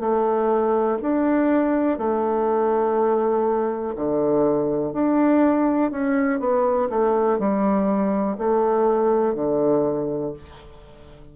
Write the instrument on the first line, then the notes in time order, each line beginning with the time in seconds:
bassoon
0.00 A3
1.02 D4
1.98 A3
3.96 D3
4.93 D4
5.92 C#4
6.40 B3
6.90 A3
7.39 G3
8.38 A3
9.35 D3